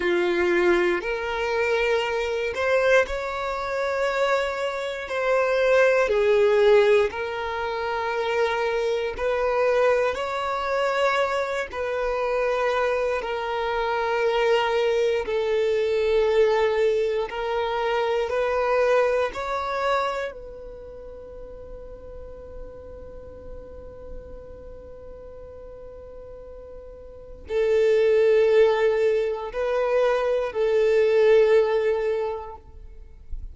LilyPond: \new Staff \with { instrumentName = "violin" } { \time 4/4 \tempo 4 = 59 f'4 ais'4. c''8 cis''4~ | cis''4 c''4 gis'4 ais'4~ | ais'4 b'4 cis''4. b'8~ | b'4 ais'2 a'4~ |
a'4 ais'4 b'4 cis''4 | b'1~ | b'2. a'4~ | a'4 b'4 a'2 | }